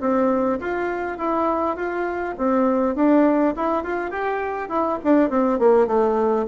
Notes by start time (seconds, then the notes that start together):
0.00 C4
0.60 F4
1.18 E4
1.76 F4
2.37 C4
2.95 D4
3.56 E4
3.83 F4
4.10 G4
4.69 E4
5.03 D4
5.29 C4
5.59 A#3
5.87 A3